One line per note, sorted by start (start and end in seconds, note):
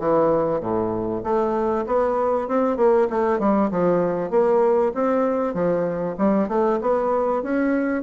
0.00 0.61 E3
0.61 1.23 A2
1.24 1.86 A3
1.87 2.48 B3
2.48 2.77 C4
2.77 3.08 A#3
3.10 3.40 A3
3.40 3.71 G3
3.71 4.31 F3
4.31 4.93 A#3
4.95 5.54 C4
5.54 6.16 F3
6.18 6.49 G3
6.49 6.80 A3
6.82 7.43 B3
7.43 8.03 C#4